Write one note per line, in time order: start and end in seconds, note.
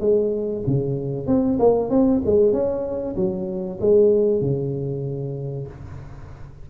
0.00 0.63 G#3
0.67 1.27 C#3
1.27 1.58 C4
1.59 1.90 A#3
1.90 2.21 C4
2.25 2.52 G#3
2.52 3.16 C#4
3.16 3.79 F#3
3.80 4.41 G#3
4.41 5.67 C#3